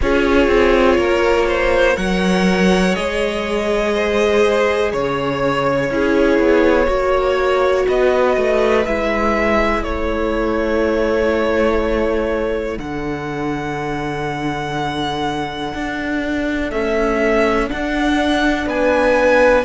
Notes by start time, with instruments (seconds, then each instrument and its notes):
0.01 cello C#4, viola F4, violin G#4 C#5
0.47 cello C4
0.97 cello A#3, violin A#4
1.47 violin C5
1.96 cello F#3, viola A#4, violin C#5 F#5
2.94 cello G#3, viola G#4, violin D#5
3.93 violin C5
4.92 cello C#3, violin C#5
5.90 cello C#4, viola E4, violin G#4
6.39 cello B3
6.86 cello A#3, viola F#4, violin C#5
7.86 cello B3, violin B4 D#5
8.36 cello A3
8.86 cello G#3, viola E4, violin E5
9.82 cello A3, violin A4 C#5
12.78 cello D3, viola D4, violin F#5
15.74 cello D4
16.70 viola A3, cello C#4, violin E5
17.67 viola D4, cello D4, violin F#5
18.66 cello B3, violin B4 G#5